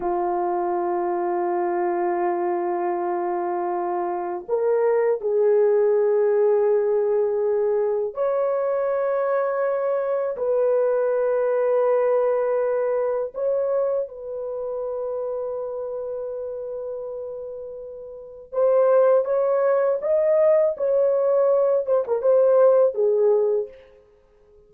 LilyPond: \new Staff \with { instrumentName = "horn" } { \time 4/4 \tempo 4 = 81 f'1~ | f'2 ais'4 gis'4~ | gis'2. cis''4~ | cis''2 b'2~ |
b'2 cis''4 b'4~ | b'1~ | b'4 c''4 cis''4 dis''4 | cis''4. c''16 ais'16 c''4 gis'4 | }